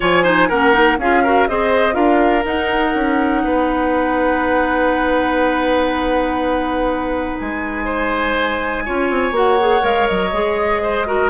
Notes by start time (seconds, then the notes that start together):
0.00 F3 F4 C#5 G#5
0.23 D#4 C5
0.48 A#3 C#4 A#4 F#5
0.73 D#4
0.98 C#4 F4 G#4 F5
1.23 F#4 A#4
1.48 C4 G#4 C5 D#5
1.92 D4 F4 A#4 F5
2.44 D#4 F#5
2.95 C#4
3.44 B3 B4
7.38 G#3 G#5
7.85 C5
8.85 C#4 F4 C#5
9.10 C4
9.31 A#3 F#4 F#5
9.60 G#4
9.80 G#3 A#4 F5
10.07 F#3 D#5
10.32 G#3 G#4
10.82 C5
11.06 F#4 A#4